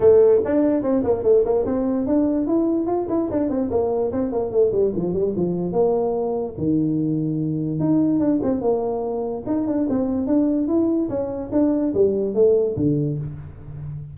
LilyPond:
\new Staff \with { instrumentName = "tuba" } { \time 4/4 \tempo 4 = 146 a4 d'4 c'8 ais8 a8 ais8 | c'4 d'4 e'4 f'8 e'8 | d'8 c'8 ais4 c'8 ais8 a8 g8 | f8 g8 f4 ais2 |
dis2. dis'4 | d'8 c'8 ais2 dis'8 d'8 | c'4 d'4 e'4 cis'4 | d'4 g4 a4 d4 | }